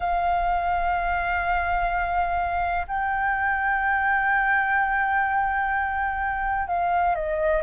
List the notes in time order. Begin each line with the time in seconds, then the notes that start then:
0.00 F5
2.87 G5
6.67 F5
7.15 D#5